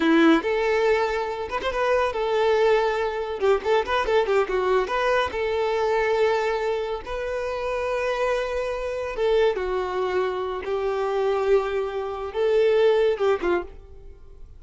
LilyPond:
\new Staff \with { instrumentName = "violin" } { \time 4/4 \tempo 4 = 141 e'4 a'2~ a'8 b'16 c''16 | b'4 a'2. | g'8 a'8 b'8 a'8 g'8 fis'4 b'8~ | b'8 a'2.~ a'8~ |
a'8 b'2.~ b'8~ | b'4. a'4 fis'4.~ | fis'4 g'2.~ | g'4 a'2 g'8 f'8 | }